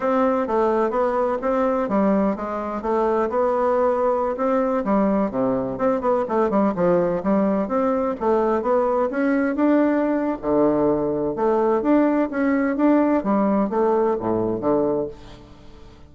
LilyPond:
\new Staff \with { instrumentName = "bassoon" } { \time 4/4 \tempo 4 = 127 c'4 a4 b4 c'4 | g4 gis4 a4 b4~ | b4~ b16 c'4 g4 c8.~ | c16 c'8 b8 a8 g8 f4 g8.~ |
g16 c'4 a4 b4 cis'8.~ | cis'16 d'4.~ d'16 d2 | a4 d'4 cis'4 d'4 | g4 a4 a,4 d4 | }